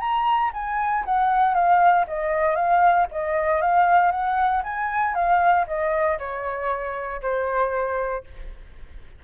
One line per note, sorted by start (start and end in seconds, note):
0.00 0.51 A#5
0.54 1.05 G#5
1.05 1.55 F#5
1.55 2.06 F5
2.07 2.56 D#5
2.56 3.07 F5
3.11 3.62 D#5
3.62 4.11 F5
4.11 4.63 F#5
4.64 5.15 G#5
5.15 5.66 F5
5.67 6.19 D#5
6.19 7.21 C#5
7.22 8.24 C5